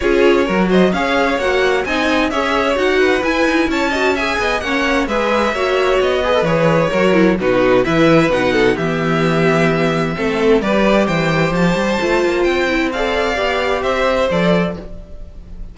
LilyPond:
<<
  \new Staff \with { instrumentName = "violin" } { \time 4/4 \tempo 4 = 130 cis''4. dis''8 f''4 fis''4 | gis''4 e''4 fis''4 gis''4 | a''4 gis''4 fis''4 e''4~ | e''4 dis''4 cis''2 |
b'4 e''4 fis''4 e''4~ | e''2. d''4 | g''4 a''2 g''4 | f''2 e''4 d''4 | }
  \new Staff \with { instrumentName = "violin" } { \time 4/4 gis'4 ais'8 c''8 cis''2 | dis''4 cis''4. b'4. | cis''8 dis''8 e''8 dis''8 cis''4 b'4 | cis''4. b'4. ais'4 |
fis'4 b'4. a'8 g'4~ | g'2 a'4 b'4 | c''1 | d''2 c''2 | }
  \new Staff \with { instrumentName = "viola" } { \time 4/4 f'4 fis'4 gis'4 fis'4 | dis'4 gis'4 fis'4 e'4~ | e'8 fis'8 gis'4 cis'4 gis'4 | fis'4. gis'16 a'16 gis'4 fis'8 e'8 |
dis'4 e'4 dis'4 b4~ | b2 c'4 g'4~ | g'2 f'4. e'8 | a'4 g'2 a'4 | }
  \new Staff \with { instrumentName = "cello" } { \time 4/4 cis'4 fis4 cis'4 ais4 | c'4 cis'4 dis'4 e'8 dis'8 | cis'4. b8 ais4 gis4 | ais4 b4 e4 fis4 |
b,4 e4 b,4 e4~ | e2 a4 g4 | e4 f8 g8 a8 ais8 c'4~ | c'4 b4 c'4 f4 | }
>>